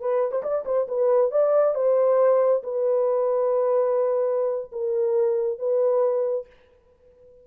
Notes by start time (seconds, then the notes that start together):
0.00 B4
0.32 C5
0.43 D5
0.65 C5
0.88 B4
1.31 D5
1.75 C5
2.63 B4
4.72 A#4
5.59 B4